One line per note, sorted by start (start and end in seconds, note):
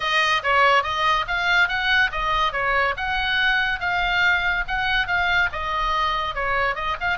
0.00 0.42 D#5
0.43 0.83 C#5
0.83 1.25 D#5
1.27 1.68 F5
1.68 2.10 F#5
2.11 2.52 D#5
2.52 2.94 C#5
2.96 3.79 F#5
3.79 4.64 F5
4.67 5.07 F#5
5.07 5.49 F5
5.52 6.34 D#5
6.34 6.75 C#5
6.75 6.96 D#5
7.00 7.17 F5